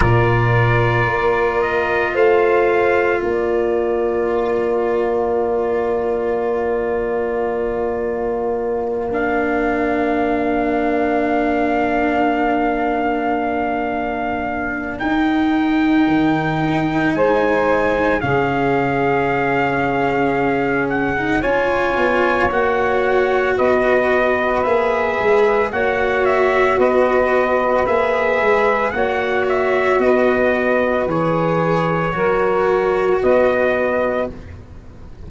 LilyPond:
<<
  \new Staff \with { instrumentName = "trumpet" } { \time 4/4 \tempo 4 = 56 d''4. dis''8 f''4 d''4~ | d''1~ | d''8 f''2.~ f''8~ | f''2 g''2 |
gis''4 f''2~ f''8 fis''8 | gis''4 fis''4 dis''4 e''4 | fis''8 e''8 dis''4 e''4 fis''8 e''8 | dis''4 cis''2 dis''4 | }
  \new Staff \with { instrumentName = "saxophone" } { \time 4/4 ais'2 c''4 ais'4~ | ais'1~ | ais'1~ | ais'1 |
c''4 gis'2. | cis''2 b'2 | cis''4 b'2 cis''4 | b'2 ais'4 b'4 | }
  \new Staff \with { instrumentName = "cello" } { \time 4/4 f'1~ | f'1~ | f'8 d'2.~ d'8~ | d'2 dis'2~ |
dis'4 cis'2~ cis'8. dis'16 | f'4 fis'2 gis'4 | fis'2 gis'4 fis'4~ | fis'4 gis'4 fis'2 | }
  \new Staff \with { instrumentName = "tuba" } { \time 4/4 ais,4 ais4 a4 ais4~ | ais1~ | ais1~ | ais2 dis'4 dis4 |
gis4 cis2. | cis'8 b8 ais4 b4 ais8 gis8 | ais4 b4 ais8 gis8 ais4 | b4 e4 fis4 b4 | }
>>